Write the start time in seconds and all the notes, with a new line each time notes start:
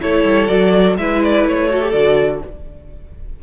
0.00 A3 E4 A4 C#5
0.23 G3
0.47 F#3 F#4 D5
0.97 G#3 E4 B4 E5
1.23 D5
1.44 A3 C#5
1.69 F#4 A4
1.81 G4
1.91 D3 F#4 D5